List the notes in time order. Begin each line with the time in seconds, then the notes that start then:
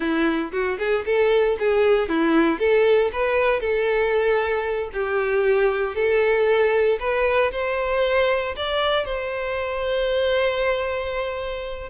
0.00 E4
0.52 F#4
0.79 G#4
1.05 A4
1.59 G#4
2.09 E4
2.59 A4
3.12 B4
3.60 A4
4.93 G4
5.95 A4
6.99 B4
7.51 C5
8.56 D5
9.05 C5